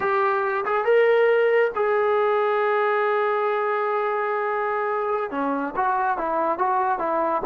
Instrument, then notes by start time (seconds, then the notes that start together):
trombone
0.00 G4
0.65 G#4
0.84 A#4
1.75 G#4
5.30 C#4
5.75 F#4
6.17 E4
6.58 F#4
6.98 E4